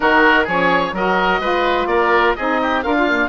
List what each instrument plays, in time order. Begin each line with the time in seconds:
0.00 bassoon D#3, saxophone D#4, oboe F#4 A#4
0.44 bassoon F3, saxophone C#4, oboe G#4 C#5
0.92 bassoon F#3, saxophone F#4, oboe A#4 D#5
1.39 bassoon G#3, saxophone F4, oboe B4
1.86 bassoon A#3, oboe A#4 D5
2.35 bassoon C4, saxophone D#4, oboe G#4 D#5
2.62 oboe G4
2.82 bassoon D4, oboe F4 F5, saxophone A#4
2.95 saxophone F4
3.07 saxophone A#3